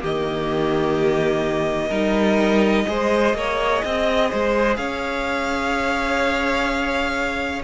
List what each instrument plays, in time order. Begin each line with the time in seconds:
0.00 cello D#3, viola A#3, violin G4 D#5
1.89 cello G3, viola D#4, violin A#4
2.87 cello G#3, viola G#4, violin C5
3.34 cello A#3, violin C#5
3.85 cello C4, violin D#5
4.30 cello G#3, violin C5
4.76 cello C#4, violin C#5 F5